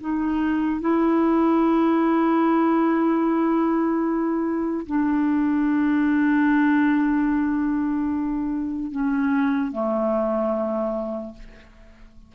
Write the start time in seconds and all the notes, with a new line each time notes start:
0.00 D#4
0.80 E4
4.86 D4
8.91 C#4
9.72 A3